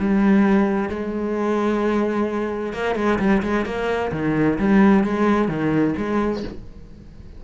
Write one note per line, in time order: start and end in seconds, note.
0.00 0.90 G3
0.90 2.74 G#3
2.74 2.96 A#3
2.96 3.19 G#3
3.20 3.43 G3
3.43 3.66 G#3
3.66 4.12 A#3
4.12 4.59 D#3
4.59 5.04 G3
5.04 5.49 G#3
5.49 5.95 D#3
5.98 6.44 G#3